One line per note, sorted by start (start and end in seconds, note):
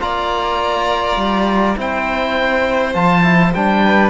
0.00 1.16 A#3
0.00 1.76 F4
0.00 1.78 D5
0.00 1.77 A#5
1.16 1.75 G3
1.76 2.94 C4
1.76 2.93 E4
1.76 3.85 C5
1.76 2.94 G5
2.93 3.53 F3
2.93 3.22 F4
2.93 3.53 A5
3.22 3.52 E4
3.54 4.10 G3
3.54 4.10 D4
3.54 4.10 G5
3.85 4.10 B4